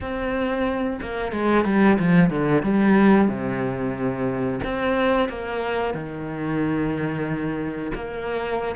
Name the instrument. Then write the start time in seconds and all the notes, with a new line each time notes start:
cello
0.00 C4
1.01 A#3
1.32 G#3
1.65 G3
1.98 F3
2.30 D3
2.62 G3
3.28 C3
4.64 C4
5.28 A#3
5.93 D#3
7.94 A#3